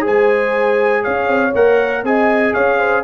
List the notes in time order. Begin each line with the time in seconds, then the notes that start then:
0.00 G#3 G#4 C5 G#5
1.02 C#4 C#5 F5
1.27 C4
1.54 A#3 A#4 F#5
2.03 C4 G#4 D#5 G#5
2.53 C#4 C#5 F5
2.78 C5